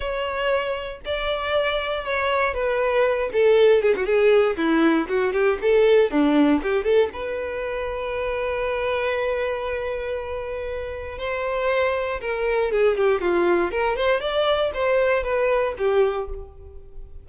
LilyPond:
\new Staff \with { instrumentName = "violin" } { \time 4/4 \tempo 4 = 118 cis''2 d''2 | cis''4 b'4. a'4 gis'16 fis'16 | gis'4 e'4 fis'8 g'8 a'4 | d'4 g'8 a'8 b'2~ |
b'1~ | b'2 c''2 | ais'4 gis'8 g'8 f'4 ais'8 c''8 | d''4 c''4 b'4 g'4 | }